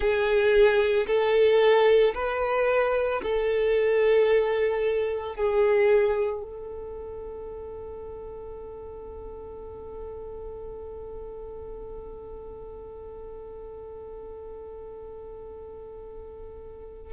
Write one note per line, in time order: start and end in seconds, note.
0.00 1.06 G#4
1.07 2.14 A4
2.14 3.21 B4
3.22 5.35 A4
5.35 6.42 G#4
6.42 17.13 A4